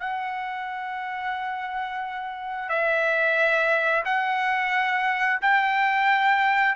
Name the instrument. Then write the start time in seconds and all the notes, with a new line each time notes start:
trumpet
0.00 F#5
2.69 E5
4.05 F#5
5.41 G5